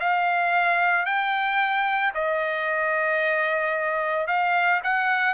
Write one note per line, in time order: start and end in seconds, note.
0.00 1.06 F5
1.06 2.13 G5
2.14 4.27 D#5
4.27 4.81 F5
4.83 5.34 F#5